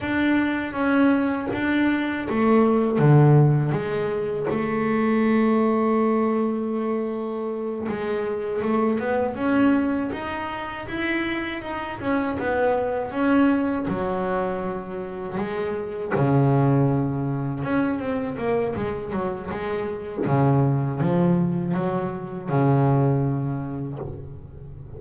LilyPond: \new Staff \with { instrumentName = "double bass" } { \time 4/4 \tempo 4 = 80 d'4 cis'4 d'4 a4 | d4 gis4 a2~ | a2~ a8 gis4 a8 | b8 cis'4 dis'4 e'4 dis'8 |
cis'8 b4 cis'4 fis4.~ | fis8 gis4 cis2 cis'8 | c'8 ais8 gis8 fis8 gis4 cis4 | f4 fis4 cis2 | }